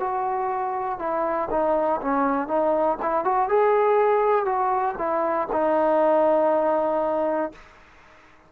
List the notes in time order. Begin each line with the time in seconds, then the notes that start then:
0.00 F#4
0.99 E4
1.51 D#4
2.01 C#4
2.48 D#4
3.02 E4
3.25 F#4
3.49 G#4
4.45 F#4
4.99 E4
5.52 D#4